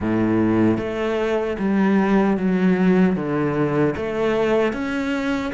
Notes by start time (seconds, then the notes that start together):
0.00 A2
0.77 A3
1.59 G3
2.37 F#3
3.16 D3
3.96 A3
4.73 C#4